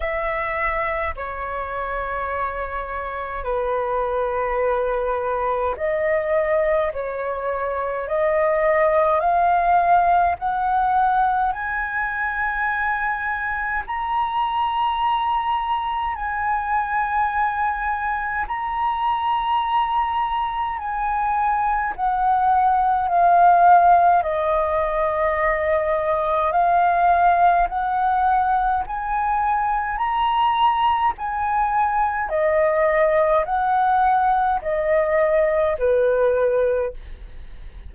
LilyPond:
\new Staff \with { instrumentName = "flute" } { \time 4/4 \tempo 4 = 52 e''4 cis''2 b'4~ | b'4 dis''4 cis''4 dis''4 | f''4 fis''4 gis''2 | ais''2 gis''2 |
ais''2 gis''4 fis''4 | f''4 dis''2 f''4 | fis''4 gis''4 ais''4 gis''4 | dis''4 fis''4 dis''4 b'4 | }